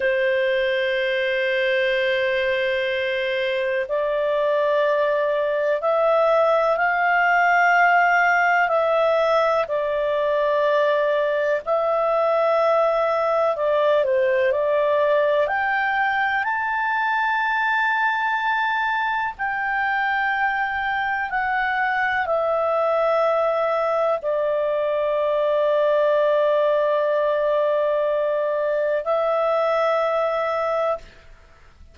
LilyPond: \new Staff \with { instrumentName = "clarinet" } { \time 4/4 \tempo 4 = 62 c''1 | d''2 e''4 f''4~ | f''4 e''4 d''2 | e''2 d''8 c''8 d''4 |
g''4 a''2. | g''2 fis''4 e''4~ | e''4 d''2.~ | d''2 e''2 | }